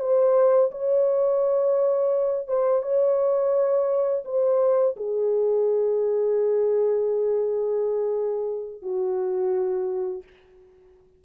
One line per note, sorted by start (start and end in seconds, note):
0.00 0.71 C5
0.71 2.48 C#5
2.48 2.82 C5
2.82 4.24 C#5
4.25 4.95 C5
4.96 8.82 G#4
8.82 10.23 F#4